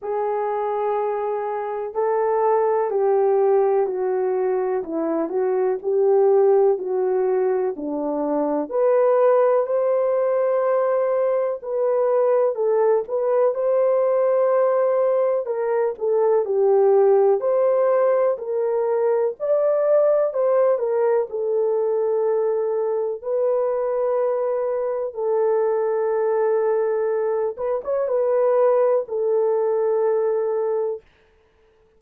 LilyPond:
\new Staff \with { instrumentName = "horn" } { \time 4/4 \tempo 4 = 62 gis'2 a'4 g'4 | fis'4 e'8 fis'8 g'4 fis'4 | d'4 b'4 c''2 | b'4 a'8 b'8 c''2 |
ais'8 a'8 g'4 c''4 ais'4 | d''4 c''8 ais'8 a'2 | b'2 a'2~ | a'8 b'16 cis''16 b'4 a'2 | }